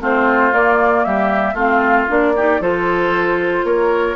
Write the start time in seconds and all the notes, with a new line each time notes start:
0.00 A3 C4 F4 C5
0.51 A#3 D5
1.04 G3 G4 E5
1.54 A3 C4 F4 F5
2.08 A#3 D4 D5
2.35 D#4 G4
2.60 F3 F4 A4 C5
3.63 A#3 A#4 C#5